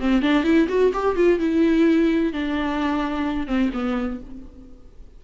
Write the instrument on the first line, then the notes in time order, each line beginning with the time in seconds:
viola
0.00 C4
0.22 D4
0.44 E4
0.69 F#4
0.94 G4
1.16 F4
1.39 E4
2.33 D4
3.47 C4
3.73 B3